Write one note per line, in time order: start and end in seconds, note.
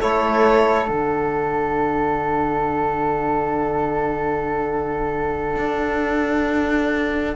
0.00 0.90 A3
0.00 0.86 E4
0.00 7.36 A4
0.00 0.89 C#5
0.86 5.57 D3
0.86 7.35 D4
0.86 7.36 F#5
5.57 7.36 D4